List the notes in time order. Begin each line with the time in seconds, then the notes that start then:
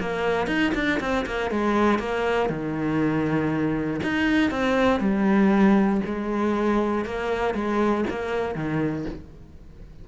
0.00 A#3
0.47 D#4
0.74 D4
1.00 C4
1.26 A#3
1.50 G#3
1.99 A#3
2.49 D#3
4.02 D#4
4.50 C4
5.00 G3
6.05 G#3
7.05 A#3
7.54 G#3
8.09 A#3
8.55 D#3